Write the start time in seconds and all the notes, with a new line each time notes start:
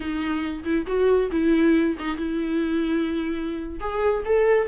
0.00 D#4
0.64 E4
0.87 F#4
1.31 E4
1.99 D#4
2.16 E4
3.80 G#4
4.25 A4